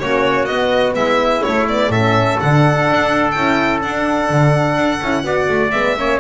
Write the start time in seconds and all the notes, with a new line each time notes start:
0.00 A#3 C#4 F#4 C#5
0.45 B3 D#5
0.95 G#3 E4 E5
1.43 A3 C#5
1.68 B3 D5
1.89 A2 C#4 A4 E5
2.40 D3 D4 F#5
2.90 D4
3.31 C#4 E4 G5
3.82 D4 F#5
4.30 D3
4.76 D4
5.02 C#4 E4
5.23 B3 F#4 D5
5.49 A3
5.71 G#3 B3 E5
5.97 A#3 C#4 C#5